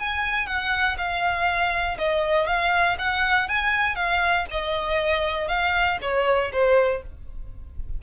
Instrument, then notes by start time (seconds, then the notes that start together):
violin
0.00 G#5
0.47 F#5
0.98 F5
1.98 D#5
2.47 F5
2.99 F#5
3.49 G#5
3.96 F5
4.51 D#5
5.48 F5
6.02 C#5
6.53 C5